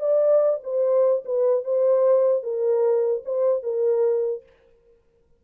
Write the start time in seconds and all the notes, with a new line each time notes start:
0.00 D5
0.64 C5
1.25 B4
1.64 C5
2.43 A#4
3.25 C5
3.63 A#4